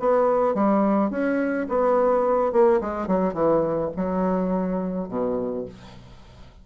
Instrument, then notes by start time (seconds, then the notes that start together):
bassoon
0.00 B3
0.55 G3
1.11 C#4
1.70 B3
2.53 A#3
2.81 G#3
3.08 F#3
3.34 E3
3.97 F#3
5.09 B2